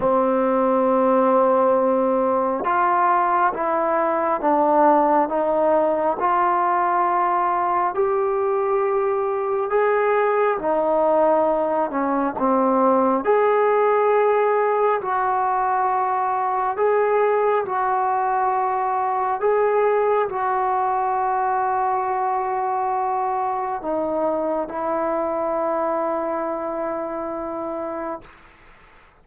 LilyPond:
\new Staff \with { instrumentName = "trombone" } { \time 4/4 \tempo 4 = 68 c'2. f'4 | e'4 d'4 dis'4 f'4~ | f'4 g'2 gis'4 | dis'4. cis'8 c'4 gis'4~ |
gis'4 fis'2 gis'4 | fis'2 gis'4 fis'4~ | fis'2. dis'4 | e'1 | }